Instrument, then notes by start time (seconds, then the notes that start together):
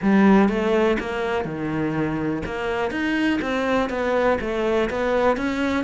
cello
0.02 G3
0.49 A3
0.99 A#3
1.44 D#3
2.45 A#3
2.90 D#4
3.41 C4
3.89 B3
4.40 A3
4.90 B3
5.36 C#4